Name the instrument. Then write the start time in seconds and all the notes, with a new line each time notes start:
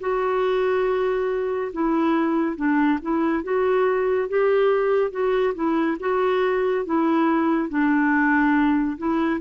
clarinet
0.00 F#4
1.73 E4
2.56 D4
3.02 E4
3.43 F#4
4.29 G4
5.11 F#4
5.55 E4
6.00 F#4
6.85 E4
7.69 D4
8.98 E4